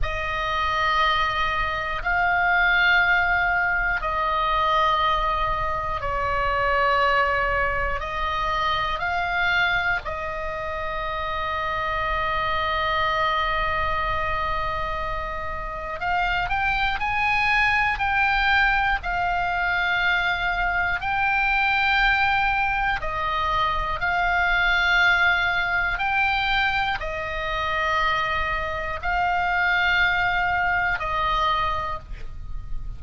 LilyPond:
\new Staff \with { instrumentName = "oboe" } { \time 4/4 \tempo 4 = 60 dis''2 f''2 | dis''2 cis''2 | dis''4 f''4 dis''2~ | dis''1 |
f''8 g''8 gis''4 g''4 f''4~ | f''4 g''2 dis''4 | f''2 g''4 dis''4~ | dis''4 f''2 dis''4 | }